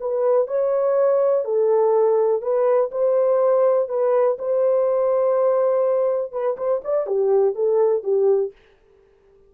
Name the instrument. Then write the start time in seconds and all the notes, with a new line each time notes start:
horn
0.00 B4
0.47 C#5
1.45 A4
2.42 B4
2.91 C5
3.88 B4
4.38 C5
6.32 B4
6.57 C5
6.84 D5
7.07 G4
7.55 A4
8.03 G4